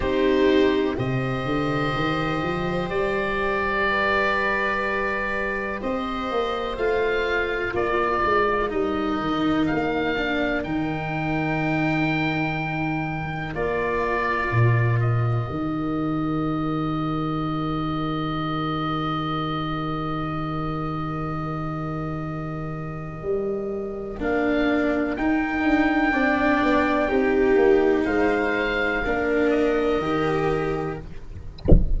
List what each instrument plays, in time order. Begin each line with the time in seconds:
0.00 tuba C4, cello D#4, viola G4, oboe C5
0.96 tuba C3, cello G4, viola C5, oboe D#5
1.45 tuba D3
1.94 tuba D#3
2.43 tuba F3
2.89 tuba G3, oboe D5
3.87 viola B4
5.81 tuba C4, viola C5, oboe D#5
6.31 tuba A#3
6.76 tuba A3, cello F4, oboe F5
7.74 tuba A#3, viola A#4, oboe D5
8.24 tuba G#3
8.69 tuba G3, cello D#4, oboe D#5
9.21 tuba D#3
9.66 tuba A#3, oboe F5
10.16 cello D4
10.63 tuba D#3, cello D#4, oboe G5
13.53 tuba A#3, cello F4, oboe D5
14.51 tuba A#2
15.00 oboe D#5
15.47 tuba D#3, cello G4
23.22 tuba G3
24.19 tuba A#3, cello D4, oboe F5
25.16 tuba D#4, cello D#4, oboe G5
25.64 tuba D4
26.11 tuba C4, cello D4, viola D5
26.62 tuba B3
27.08 tuba C4, cello D#4, viola G4
27.55 tuba A#3
28.05 tuba G#3, viola C5, oboe F5
29.04 tuba A#3, cello D4, viola A#4
29.50 oboe D#5
29.98 tuba D#3, cello G4